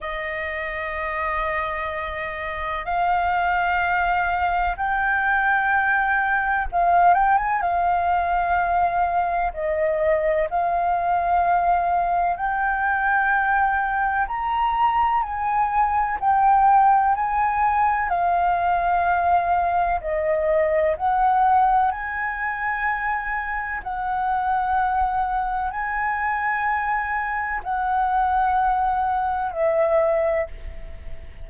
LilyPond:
\new Staff \with { instrumentName = "flute" } { \time 4/4 \tempo 4 = 63 dis''2. f''4~ | f''4 g''2 f''8 g''16 gis''16 | f''2 dis''4 f''4~ | f''4 g''2 ais''4 |
gis''4 g''4 gis''4 f''4~ | f''4 dis''4 fis''4 gis''4~ | gis''4 fis''2 gis''4~ | gis''4 fis''2 e''4 | }